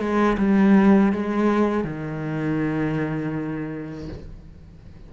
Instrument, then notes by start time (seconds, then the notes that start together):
cello
0.00 G#3
0.38 G3
1.13 G#3
1.84 D#3